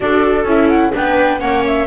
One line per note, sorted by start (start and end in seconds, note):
0.00 0.44 D4
0.00 0.46 F#4
0.00 0.95 A4
0.00 0.46 D5
0.44 0.91 C#4
0.44 0.92 E4
0.44 0.68 E5
0.68 0.92 F#5
0.92 1.41 B3
0.92 1.39 D4
0.92 1.40 B4
0.92 1.40 G5
1.39 1.86 A#3
1.39 1.86 C#4
1.39 1.86 C#5
1.39 1.64 F#5
1.66 1.86 E5